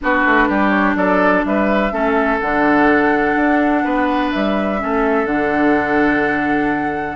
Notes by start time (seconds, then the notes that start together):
0.01 B3 D4 F#4 B4
0.25 A3
0.48 G3 G4
0.69 C#5
0.95 F#3 A4 D5
1.44 G3 B4 E5
1.91 A3 C#4 A4
2.39 D3 D4 F#5
3.35 D4
3.83 B3 B4
4.31 G3 E5
4.78 A3 C#4 A4
5.25 D3 D4 F#5